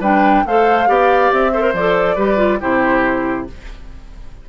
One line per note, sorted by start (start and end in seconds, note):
0.00 0.43 G3
0.00 0.46 D4
0.00 0.43 B4
0.00 0.46 G5
0.46 0.88 A3
0.46 0.87 A4
0.46 0.89 C5
0.46 1.33 F5
0.87 1.31 B3
0.87 1.52 G4
0.87 1.53 D5
1.32 1.73 C4
1.32 1.75 E5
1.53 1.62 A4
1.53 2.15 C5
1.62 1.73 A#4
1.73 2.16 F3
1.73 2.18 A4
1.73 2.61 D5
2.15 2.60 G3
2.15 2.37 G4
2.15 2.58 B4
2.37 2.59 F4
2.61 3.49 C3
2.61 3.47 E4
2.61 3.47 G4
2.61 3.48 C5